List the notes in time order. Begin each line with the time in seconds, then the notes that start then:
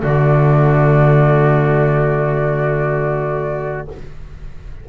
0.00 D3 A3 F#4 D5